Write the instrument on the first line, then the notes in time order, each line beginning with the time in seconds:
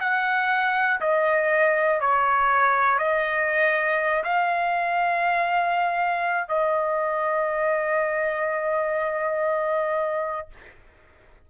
trumpet
0.00 F#5
1.00 D#5
2.00 C#5
2.98 D#5
4.24 F5
6.48 D#5